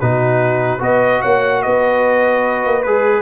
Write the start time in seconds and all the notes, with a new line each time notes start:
0.00 B2 D#4 F#4 B4
0.79 B3 F#4 B4 D#5
1.21 A#3 C#5 F#5
1.63 B3 B4 D#5
2.66 A#3
2.83 G#3 G#4 B4